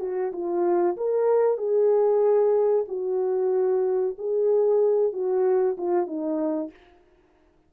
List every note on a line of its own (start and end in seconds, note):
0.00 0.32 F#4
0.32 0.96 F4
0.97 1.58 A#4
1.58 2.85 G#4
2.88 4.16 F#4
4.18 5.13 G#4
5.13 5.77 F#4
5.78 6.07 F4
6.07 6.71 D#4